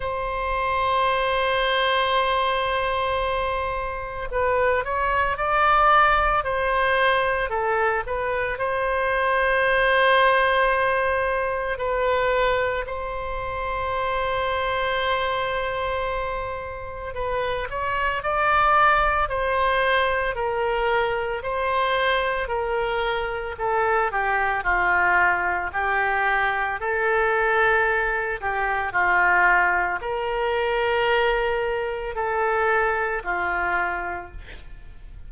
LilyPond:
\new Staff \with { instrumentName = "oboe" } { \time 4/4 \tempo 4 = 56 c''1 | b'8 cis''8 d''4 c''4 a'8 b'8 | c''2. b'4 | c''1 |
b'8 cis''8 d''4 c''4 ais'4 | c''4 ais'4 a'8 g'8 f'4 | g'4 a'4. g'8 f'4 | ais'2 a'4 f'4 | }